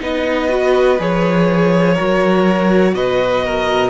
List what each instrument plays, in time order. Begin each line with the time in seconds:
0.00 cello B3, viola D#4, violin B4 D#5
0.49 viola F#4
0.99 cello F3, viola G#4, violin C#5
1.94 viola F#4, violin A#4
2.00 cello F#3
2.94 cello B2, violin B4 D#5
3.45 violin A#4